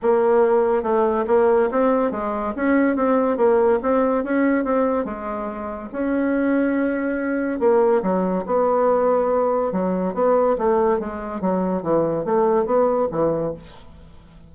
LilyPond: \new Staff \with { instrumentName = "bassoon" } { \time 4/4 \tempo 4 = 142 ais2 a4 ais4 | c'4 gis4 cis'4 c'4 | ais4 c'4 cis'4 c'4 | gis2 cis'2~ |
cis'2 ais4 fis4 | b2. fis4 | b4 a4 gis4 fis4 | e4 a4 b4 e4 | }